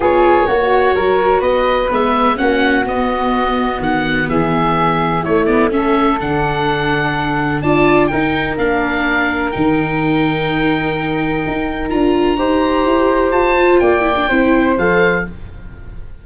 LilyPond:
<<
  \new Staff \with { instrumentName = "oboe" } { \time 4/4 \tempo 4 = 126 cis''2. dis''4 | e''4 fis''4 dis''2 | fis''4 e''2 cis''8 d''8 | e''4 fis''2. |
a''4 g''4 f''2 | g''1~ | g''4 ais''2. | a''4 g''2 f''4 | }
  \new Staff \with { instrumentName = "flute" } { \time 4/4 gis'4 fis'4 ais'4 b'4~ | b'4 fis'2.~ | fis'4 gis'2 e'4 | a'1 |
d''4 ais'2.~ | ais'1~ | ais'2 c''2~ | c''4 d''4 c''2 | }
  \new Staff \with { instrumentName = "viola" } { \time 4/4 f'4 fis'2. | b4 cis'4 b2~ | b2. a8 b8 | cis'4 d'2. |
f'4 dis'4 d'2 | dis'1~ | dis'4 f'4 g'2~ | g'8 f'4 e'16 d'16 e'4 a'4 | }
  \new Staff \with { instrumentName = "tuba" } { \time 4/4 b4 ais4 fis4 b4 | gis4 ais4 b2 | dis4 e2 a4~ | a4 d2. |
d'4 dis'4 ais2 | dis1 | dis'4 d'4 dis'4 e'4 | f'4 ais4 c'4 f4 | }
>>